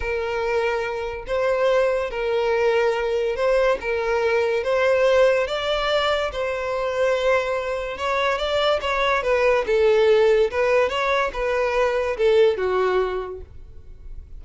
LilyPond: \new Staff \with { instrumentName = "violin" } { \time 4/4 \tempo 4 = 143 ais'2. c''4~ | c''4 ais'2. | c''4 ais'2 c''4~ | c''4 d''2 c''4~ |
c''2. cis''4 | d''4 cis''4 b'4 a'4~ | a'4 b'4 cis''4 b'4~ | b'4 a'4 fis'2 | }